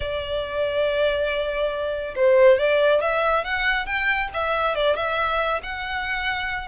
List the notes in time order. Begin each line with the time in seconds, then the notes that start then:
0.00 D5
2.15 C5
2.58 D5
3.01 E5
3.44 F#5
3.85 G5
4.33 E5
4.75 D5
4.96 E5
5.62 F#5